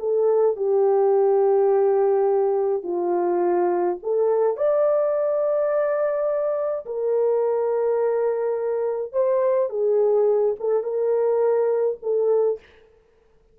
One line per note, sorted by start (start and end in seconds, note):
0.00 0.57 A4
0.57 2.84 G4
2.84 3.98 F4
4.03 4.57 A4
4.57 6.86 D5
6.86 9.13 A#4
9.13 9.70 C5
9.70 10.56 G#4
10.60 10.84 A4
10.84 11.98 A#4
12.03 12.60 A4